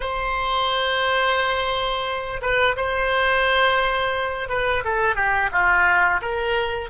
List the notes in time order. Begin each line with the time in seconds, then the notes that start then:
0.00 C5
2.41 B4
2.76 C5
4.49 B4
4.84 A4
5.15 G4
5.52 F4
6.21 A#4